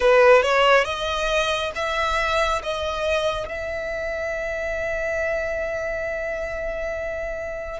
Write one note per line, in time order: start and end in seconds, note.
0.00 0.42 B4
0.42 0.84 C#5
0.84 1.71 D#5
1.75 2.62 E5
2.62 3.48 D#5
3.48 7.80 E5